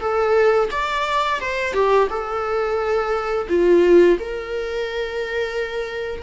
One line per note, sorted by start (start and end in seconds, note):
0.00 0.69 A4
0.71 1.40 D5
1.40 1.74 C5
1.74 2.08 G4
2.10 3.48 A4
3.49 4.18 F4
4.19 6.23 A#4